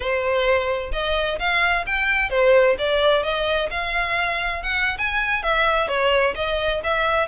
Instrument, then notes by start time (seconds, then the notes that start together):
violin
0.00 C5
0.92 D#5
1.39 F5
1.86 G5
2.30 C5
2.78 D5
3.23 D#5
3.70 F5
4.63 F#5
4.97 G#5
5.42 E5
5.88 C#5
6.35 D#5
6.83 E5